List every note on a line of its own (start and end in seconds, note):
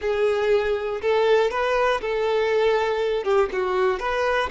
0.01 1.01 G#4
1.01 1.50 A4
1.50 2.00 B4
2.01 3.24 A4
3.24 3.49 G4
3.52 3.99 F#4
3.99 4.49 B4